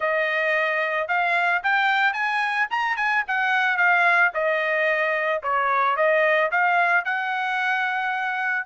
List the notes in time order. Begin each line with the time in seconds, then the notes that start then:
0.00 D#5
1.08 F5
1.63 G5
2.13 G#5
2.70 A#5
2.96 G#5
3.27 F#5
3.77 F5
4.34 D#5
5.43 C#5
5.96 D#5
6.51 F5
7.04 F#5